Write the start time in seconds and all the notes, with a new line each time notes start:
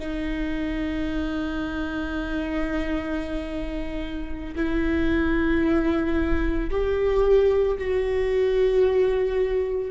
0.00 D#4
4.56 E4
6.71 G4
7.78 F#4